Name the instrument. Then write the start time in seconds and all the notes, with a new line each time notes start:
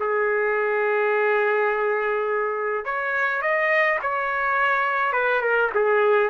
trumpet
0.00 G#4
2.85 C#5
3.42 D#5
4.02 C#5
5.12 B4
5.41 A#4
5.74 G#4